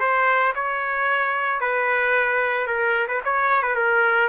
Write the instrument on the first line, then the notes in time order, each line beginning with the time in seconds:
trumpet
0.00 C5
0.55 C#5
1.60 B4
2.67 A#4
3.08 B4
3.25 C#5
3.63 B4
3.75 A#4